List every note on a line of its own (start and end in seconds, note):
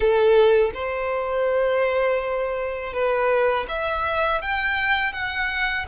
0.00 0.71 A4
0.74 2.93 C5
2.93 3.66 B4
3.68 4.41 E5
4.41 5.13 G5
5.13 5.86 F#5